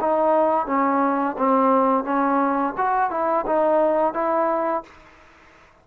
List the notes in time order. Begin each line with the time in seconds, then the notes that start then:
0.00 D#4
0.66 C#4
1.38 C4
2.04 C#4
2.77 F#4
3.10 E4
3.46 D#4
4.13 E4